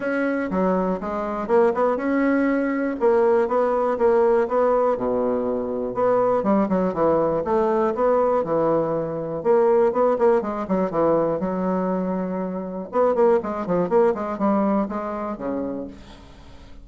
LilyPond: \new Staff \with { instrumentName = "bassoon" } { \time 4/4 \tempo 4 = 121 cis'4 fis4 gis4 ais8 b8 | cis'2 ais4 b4 | ais4 b4 b,2 | b4 g8 fis8 e4 a4 |
b4 e2 ais4 | b8 ais8 gis8 fis8 e4 fis4~ | fis2 b8 ais8 gis8 f8 | ais8 gis8 g4 gis4 cis4 | }